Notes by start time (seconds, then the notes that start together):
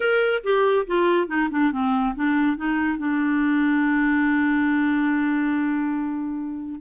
0.00 A#4
0.43 G4
0.86 F4
1.27 D#4
1.50 D4
1.72 C4
2.15 D4
2.56 D#4
2.97 D4